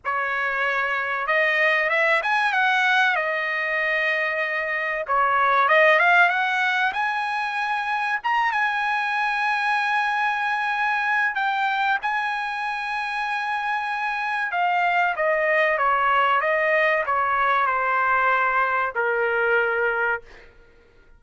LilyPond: \new Staff \with { instrumentName = "trumpet" } { \time 4/4 \tempo 4 = 95 cis''2 dis''4 e''8 gis''8 | fis''4 dis''2. | cis''4 dis''8 f''8 fis''4 gis''4~ | gis''4 ais''8 gis''2~ gis''8~ |
gis''2 g''4 gis''4~ | gis''2. f''4 | dis''4 cis''4 dis''4 cis''4 | c''2 ais'2 | }